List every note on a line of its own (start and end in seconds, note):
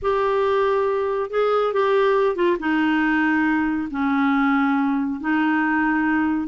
0.02 1.30 G4
1.30 1.73 G#4
1.73 2.35 G4
2.35 2.57 F4
2.59 3.88 D#4
3.90 5.20 C#4
5.20 6.47 D#4